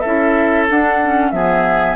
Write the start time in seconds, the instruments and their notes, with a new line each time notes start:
0.00 bassoon C#4, clarinet E4, oboe A4, flute E5
0.69 clarinet D4, bassoon D4, flute F#5
1.03 clarinet C#4
1.31 bassoon F3, clarinet B3, oboe G#4, flute E5